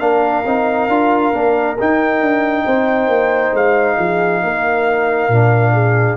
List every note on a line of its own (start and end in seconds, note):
0.00 0.44 A#3
0.00 0.44 D4
0.00 2.65 A#4
0.00 1.77 F5
0.45 0.89 C4
0.45 0.90 D#4
0.89 1.33 D4
0.89 1.33 F4
1.33 1.78 A#3
1.33 1.78 D4
1.79 5.32 D#4
1.79 2.22 D#4
1.79 3.56 G5
2.22 2.66 D4
2.65 3.08 C4
2.65 3.97 C5
3.08 3.52 A#3
3.53 3.97 G#3
3.53 6.17 F5
3.98 4.43 F3
3.98 4.42 G#4
4.43 5.28 A#3
4.43 5.73 A#4
5.28 6.17 A#2
5.28 6.17 D4
5.73 6.17 G#4